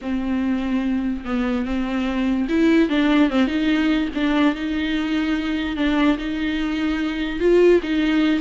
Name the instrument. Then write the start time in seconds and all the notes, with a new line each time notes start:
viola
0.01 C4
1.24 B3
1.65 C4
2.49 E4
2.89 D4
3.30 C4
3.47 D#4
4.14 D4
4.55 D#4
5.76 D4
6.18 D#4
7.39 F4
7.82 D#4